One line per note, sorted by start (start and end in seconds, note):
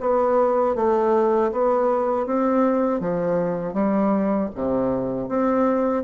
0.00 0.75 B3
0.75 1.51 A3
1.52 2.26 B3
2.26 3.00 C4
3.00 3.74 F3
3.74 4.49 G3
4.55 5.29 C3
5.29 6.03 C4